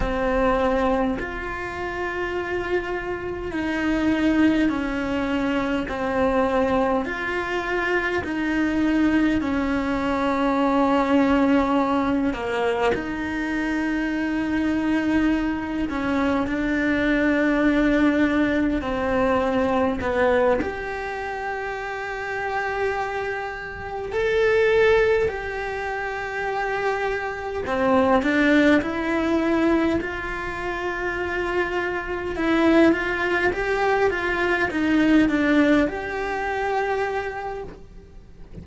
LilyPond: \new Staff \with { instrumentName = "cello" } { \time 4/4 \tempo 4 = 51 c'4 f'2 dis'4 | cis'4 c'4 f'4 dis'4 | cis'2~ cis'8 ais8 dis'4~ | dis'4. cis'8 d'2 |
c'4 b8 g'2~ g'8~ | g'8 a'4 g'2 c'8 | d'8 e'4 f'2 e'8 | f'8 g'8 f'8 dis'8 d'8 g'4. | }